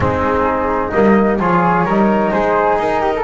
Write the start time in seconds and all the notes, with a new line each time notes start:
0.00 G#3 C4 D#4 G#4
0.90 G3 A#3 D#5
1.39 F3 F4 G#4 C#5
1.85 G3 D#4 A#4
2.31 G#3 G#4 C5
2.78 D#4 A#4
3.01 G4
3.15 A4